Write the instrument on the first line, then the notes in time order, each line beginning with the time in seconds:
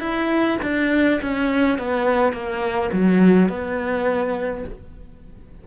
cello
0.00 E4
0.62 D4
1.22 C#4
1.78 B3
2.33 A#3
2.93 F#3
3.49 B3